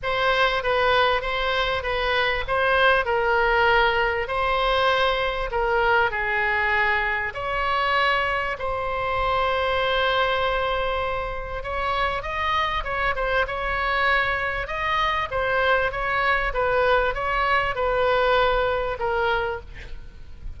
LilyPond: \new Staff \with { instrumentName = "oboe" } { \time 4/4 \tempo 4 = 98 c''4 b'4 c''4 b'4 | c''4 ais'2 c''4~ | c''4 ais'4 gis'2 | cis''2 c''2~ |
c''2. cis''4 | dis''4 cis''8 c''8 cis''2 | dis''4 c''4 cis''4 b'4 | cis''4 b'2 ais'4 | }